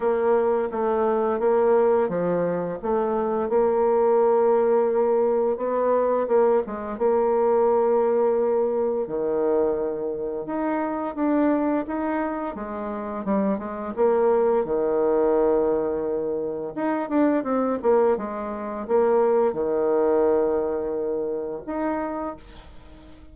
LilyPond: \new Staff \with { instrumentName = "bassoon" } { \time 4/4 \tempo 4 = 86 ais4 a4 ais4 f4 | a4 ais2. | b4 ais8 gis8 ais2~ | ais4 dis2 dis'4 |
d'4 dis'4 gis4 g8 gis8 | ais4 dis2. | dis'8 d'8 c'8 ais8 gis4 ais4 | dis2. dis'4 | }